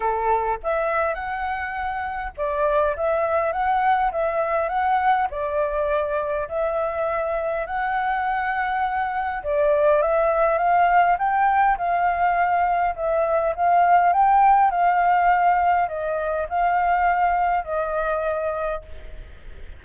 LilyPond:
\new Staff \with { instrumentName = "flute" } { \time 4/4 \tempo 4 = 102 a'4 e''4 fis''2 | d''4 e''4 fis''4 e''4 | fis''4 d''2 e''4~ | e''4 fis''2. |
d''4 e''4 f''4 g''4 | f''2 e''4 f''4 | g''4 f''2 dis''4 | f''2 dis''2 | }